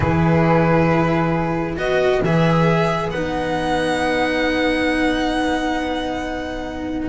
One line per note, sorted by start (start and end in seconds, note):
0.00 1.76 E3
0.00 1.76 E4
0.00 1.78 G#4
0.00 1.75 B4
1.76 2.21 B3
1.76 2.21 F#4
1.76 7.09 B4
1.76 2.22 D#5
2.22 3.10 E3
2.22 3.14 G#4
2.22 3.10 E5
3.10 7.09 B3
3.10 7.09 D#4
3.10 7.09 F#5